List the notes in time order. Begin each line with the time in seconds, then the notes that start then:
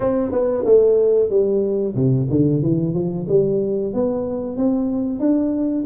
0.00 C4
0.31 B3
0.65 A3
1.29 G3
1.95 C3
2.29 D3
2.62 E3
2.93 F3
3.28 G3
3.93 B3
4.57 C4
5.19 D4